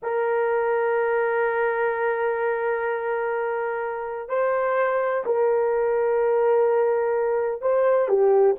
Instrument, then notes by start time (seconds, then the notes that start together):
horn
0.02 A#4
4.28 C5
5.25 A#4
7.61 C5
8.08 G4